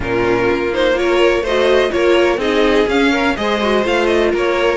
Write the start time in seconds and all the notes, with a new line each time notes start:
0.00 A#2 C#4 F4 A#4
0.51 A#3
0.73 D#4 C5
0.94 F4 A#4 C#5
1.41 A3 F#4 C5 D#5
1.89 A#3 F4 A#4 C#5
2.37 C4 D#4 G#4 D#5
2.87 C#4 F5
3.11 A#4
3.36 G#3 G#4 C5 D#5
3.61 F#4
3.83 A3 F4 F5
4.06 D#5
4.31 A#3 A#4 C#5